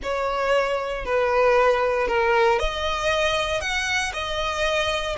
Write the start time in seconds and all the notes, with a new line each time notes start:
0.03 C#5
1.05 B4
2.07 A#4
2.59 D#5
3.60 F#5
4.13 D#5